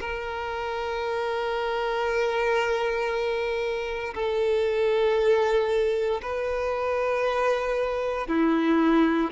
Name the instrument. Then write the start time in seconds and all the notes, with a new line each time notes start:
violin
0.00 A#4
4.14 A4
6.22 B4
8.28 E4